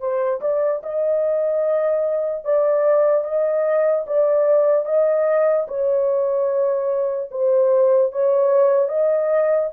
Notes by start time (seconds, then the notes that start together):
0.00 C5
0.41 D5
0.83 D#5
2.45 D5
3.24 D#5
4.07 D5
4.85 D#5
5.68 C#5
7.31 C5
8.12 C#5
8.89 D#5